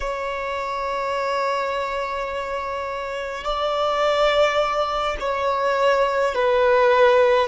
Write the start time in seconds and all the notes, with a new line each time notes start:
0.00 C#5
3.44 D5
5.20 C#5
6.35 B4